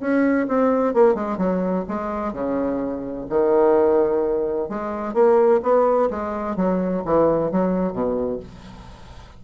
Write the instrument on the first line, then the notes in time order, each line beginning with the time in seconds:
bassoon
0.00 C#4
0.48 C4
0.94 A#3
1.14 G#3
1.37 F#3
1.88 G#3
2.33 C#3
3.29 D#3
4.69 G#3
5.14 A#3
5.62 B3
6.10 G#3
6.56 F#3
7.05 E3
7.51 F#3
7.92 B2